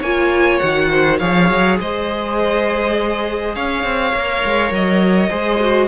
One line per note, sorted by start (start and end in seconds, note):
0.00 0.60 A#3
0.00 0.62 F4
0.00 0.88 C#5
0.00 0.59 G#5
0.59 1.21 D#3
0.59 1.21 F#4
0.59 1.18 F#5
0.91 1.20 C5
1.19 1.50 F3
1.19 4.14 G#4
1.19 1.79 C#5
1.19 1.78 F5
1.50 1.80 F#3
1.80 3.56 G#3
1.80 3.55 C5
1.80 3.55 D#5
3.55 3.84 C#4
3.55 5.30 C#5
3.55 4.73 F5
3.84 4.13 C4
4.14 4.44 A#3
4.14 5.31 A#4
4.45 4.71 G#3
4.71 5.30 F#3
4.71 5.89 D#5
5.30 5.89 G#3
5.30 5.60 G#4
5.30 5.89 C5
5.61 5.89 F#4